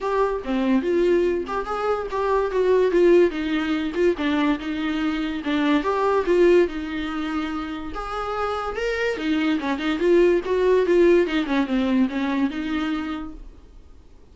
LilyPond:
\new Staff \with { instrumentName = "viola" } { \time 4/4 \tempo 4 = 144 g'4 c'4 f'4. g'8 | gis'4 g'4 fis'4 f'4 | dis'4. f'8 d'4 dis'4~ | dis'4 d'4 g'4 f'4 |
dis'2. gis'4~ | gis'4 ais'4 dis'4 cis'8 dis'8 | f'4 fis'4 f'4 dis'8 cis'8 | c'4 cis'4 dis'2 | }